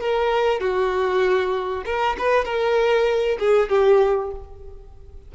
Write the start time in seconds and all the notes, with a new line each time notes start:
0.00 A#4
0.60 F#4
1.85 A#4
2.19 B4
2.45 A#4
3.39 G#4
3.69 G4